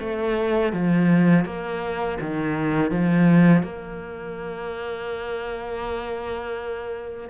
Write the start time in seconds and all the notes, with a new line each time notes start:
0.00 A3
0.73 F3
1.46 A#3
2.21 D#3
2.91 F3
3.63 A#3